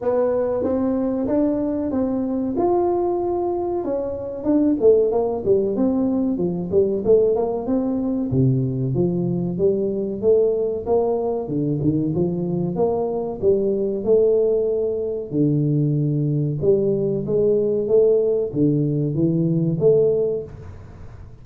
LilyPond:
\new Staff \with { instrumentName = "tuba" } { \time 4/4 \tempo 4 = 94 b4 c'4 d'4 c'4 | f'2 cis'4 d'8 a8 | ais8 g8 c'4 f8 g8 a8 ais8 | c'4 c4 f4 g4 |
a4 ais4 d8 dis8 f4 | ais4 g4 a2 | d2 g4 gis4 | a4 d4 e4 a4 | }